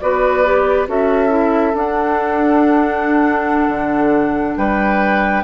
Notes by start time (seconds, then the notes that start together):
0.00 B3 F#4 B4 D5
0.44 G4
0.87 C#4 F#4 A4 E5
1.28 E4
1.74 D4 F#5
3.68 D3
4.57 G3 B4 G5